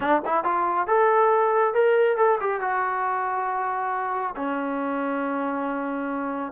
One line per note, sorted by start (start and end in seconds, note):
0.00 0.22 D4
0.25 0.43 E4
0.43 0.87 F4
0.87 1.74 A4
1.74 2.17 A#4
2.17 2.39 A4
2.40 2.60 G4
2.60 4.34 F#4
4.36 6.52 C#4